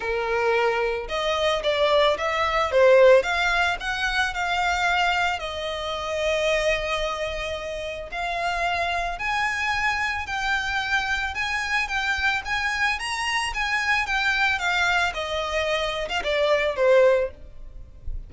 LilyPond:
\new Staff \with { instrumentName = "violin" } { \time 4/4 \tempo 4 = 111 ais'2 dis''4 d''4 | e''4 c''4 f''4 fis''4 | f''2 dis''2~ | dis''2. f''4~ |
f''4 gis''2 g''4~ | g''4 gis''4 g''4 gis''4 | ais''4 gis''4 g''4 f''4 | dis''4.~ dis''16 f''16 d''4 c''4 | }